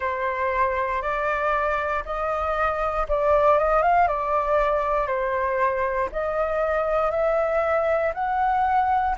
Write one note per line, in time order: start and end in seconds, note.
0.00 1.02 C5
1.02 2.03 D5
2.05 3.06 D#5
3.08 3.58 D5
3.58 3.82 D#5
3.82 4.07 F5
4.07 5.07 D5
5.07 6.09 C5
6.12 7.10 D#5
7.10 8.12 E5
8.14 9.15 F#5